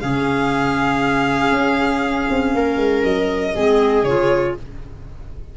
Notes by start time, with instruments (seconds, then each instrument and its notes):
0.00 tuba C#3, clarinet C#4, viola G#4, violin F5
1.51 tuba C#4
2.30 tuba C4
2.55 tuba A#3, viola A#4
2.77 tuba G#3
3.04 tuba F#3, violin D#5
3.54 tuba G#3, clarinet C4, viola G#4
4.03 tuba C#3, clarinet F4, violin C#5